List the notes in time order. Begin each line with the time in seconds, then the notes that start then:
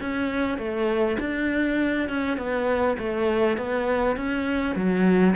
0.00 C#4
0.58 A3
1.19 D4
2.08 C#4
2.37 B3
2.98 A3
3.57 B3
4.16 C#4
4.75 F#3